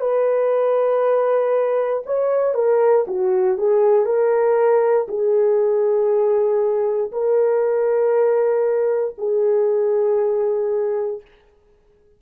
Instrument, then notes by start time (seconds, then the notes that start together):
horn
0.00 B4
2.06 C#5
2.54 A#4
3.07 F#4
3.58 G#4
4.05 A#4
5.08 G#4
7.12 A#4
9.18 G#4